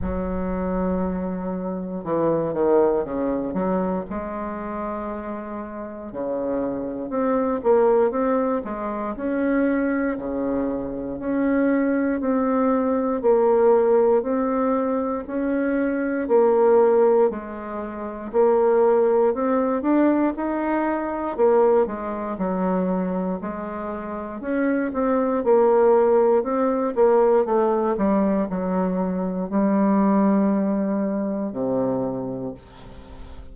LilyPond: \new Staff \with { instrumentName = "bassoon" } { \time 4/4 \tempo 4 = 59 fis2 e8 dis8 cis8 fis8 | gis2 cis4 c'8 ais8 | c'8 gis8 cis'4 cis4 cis'4 | c'4 ais4 c'4 cis'4 |
ais4 gis4 ais4 c'8 d'8 | dis'4 ais8 gis8 fis4 gis4 | cis'8 c'8 ais4 c'8 ais8 a8 g8 | fis4 g2 c4 | }